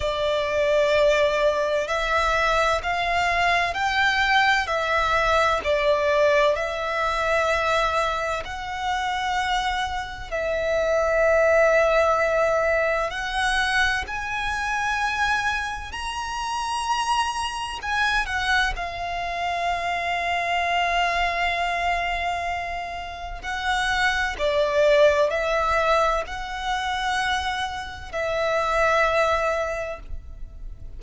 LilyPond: \new Staff \with { instrumentName = "violin" } { \time 4/4 \tempo 4 = 64 d''2 e''4 f''4 | g''4 e''4 d''4 e''4~ | e''4 fis''2 e''4~ | e''2 fis''4 gis''4~ |
gis''4 ais''2 gis''8 fis''8 | f''1~ | f''4 fis''4 d''4 e''4 | fis''2 e''2 | }